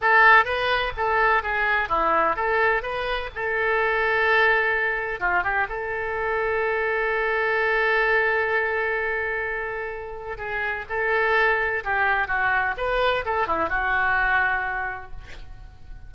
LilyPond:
\new Staff \with { instrumentName = "oboe" } { \time 4/4 \tempo 4 = 127 a'4 b'4 a'4 gis'4 | e'4 a'4 b'4 a'4~ | a'2. f'8 g'8 | a'1~ |
a'1~ | a'2 gis'4 a'4~ | a'4 g'4 fis'4 b'4 | a'8 e'8 fis'2. | }